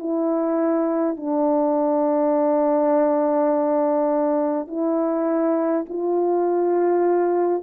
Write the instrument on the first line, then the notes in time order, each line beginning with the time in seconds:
horn
0.00 E4
1.17 D4
4.67 E4
5.89 F4